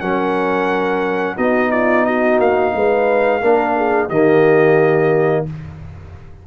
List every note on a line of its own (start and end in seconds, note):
0.00 1.37 F#3
0.00 1.37 C#4
0.00 1.36 A#4
0.00 1.36 F#5
1.36 2.39 B3
1.36 3.41 D#4
1.36 1.70 F#4
1.36 1.71 D#5
1.71 2.05 F4
1.71 2.05 D5
2.05 2.73 F#4
2.05 2.39 D#5
2.39 2.73 A#3
2.39 4.09 F5
2.75 3.42 G#3
2.75 3.41 B4
3.41 4.09 A#3
3.41 4.10 D4
3.41 3.75 A#4
3.77 4.08 G#4
4.08 5.45 D#3
4.08 5.47 A#3
4.08 5.44 G4
4.08 5.45 D#5